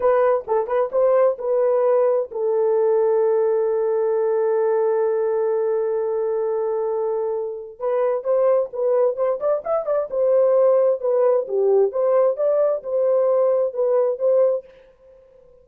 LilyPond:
\new Staff \with { instrumentName = "horn" } { \time 4/4 \tempo 4 = 131 b'4 a'8 b'8 c''4 b'4~ | b'4 a'2.~ | a'1~ | a'1~ |
a'4 b'4 c''4 b'4 | c''8 d''8 e''8 d''8 c''2 | b'4 g'4 c''4 d''4 | c''2 b'4 c''4 | }